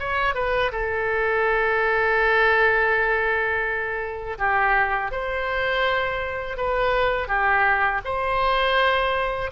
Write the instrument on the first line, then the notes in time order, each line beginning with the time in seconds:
oboe
0.00 C#5
0.35 B4
0.72 A4
4.38 G4
5.12 C5
6.58 B4
7.28 G4
8.05 C5